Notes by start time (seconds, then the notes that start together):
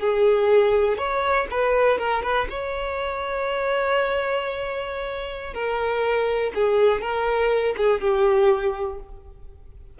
0.00 G#4
0.98 C#5
1.51 B4
1.98 A#4
2.23 B4
2.50 C#5
5.54 A#4
6.55 G#4
7.01 A#4
7.77 G#4
8.01 G4